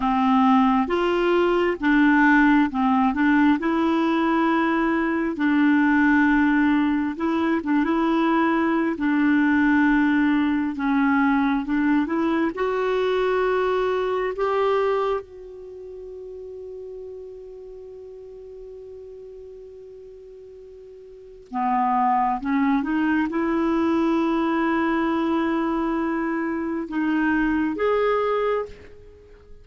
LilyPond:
\new Staff \with { instrumentName = "clarinet" } { \time 4/4 \tempo 4 = 67 c'4 f'4 d'4 c'8 d'8 | e'2 d'2 | e'8 d'16 e'4~ e'16 d'2 | cis'4 d'8 e'8 fis'2 |
g'4 fis'2.~ | fis'1 | b4 cis'8 dis'8 e'2~ | e'2 dis'4 gis'4 | }